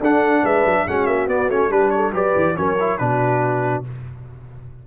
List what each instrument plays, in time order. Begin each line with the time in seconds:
0.00 tuba D4, trombone D4, horn A4, trumpet F#5
0.43 tuba G#3, horn B4, trumpet E5
0.66 tuba F#3
0.87 tuba G#3, trombone C#4, horn F#4, trumpet F#5
1.06 tuba A#3, trumpet E5
1.27 tuba B3, trombone B3, trumpet D5
1.49 tuba A3, trombone C#4, trumpet C#5
1.70 tuba G3, trombone D4, horn G4, trumpet B4
1.90 horn A4, trumpet C#5
2.12 tuba F#3, trombone G4, horn B4, trumpet D5
2.36 tuba E3
2.56 tuba F#3, trombone C#4, horn A#4, trumpet C#5
2.80 trombone E4
2.98 tuba B2, trombone D4, horn F#4, trumpet B4